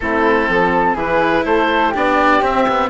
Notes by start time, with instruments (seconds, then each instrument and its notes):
0.00 bassoon A3, cello C4, flute E4, oboe A4
0.48 bassoon F3, flute A4
0.93 bassoon E3, cello E4, flute G#4, oboe B4
1.45 bassoon A3, flute A4, oboe C5
1.90 bassoon B3, cello D4, flute G4
1.96 oboe D5
2.41 bassoon C4, cello C4, oboe E5
2.68 cello B3